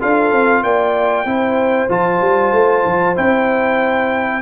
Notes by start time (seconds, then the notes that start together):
0.00 D4 F4 A4 F5
0.32 C4
0.63 A#3 D5 G5
1.25 C4 E4 C5
1.89 F3 F4 A5
2.21 G3
2.52 A3
2.85 F3
3.15 C4 E4 G5